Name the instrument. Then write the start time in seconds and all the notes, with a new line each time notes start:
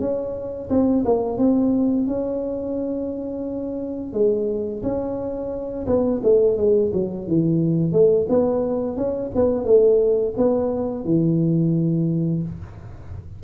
tuba
0.00 C#4
0.70 C4
1.05 A#3
1.38 C4
2.07 C#4
4.13 G#3
4.83 C#4
5.87 B3
6.23 A3
6.57 G#3
6.93 F#3
7.28 E3
7.92 A3
8.29 B3
8.97 C#4
9.35 B3
9.65 A3
10.37 B3
11.05 E3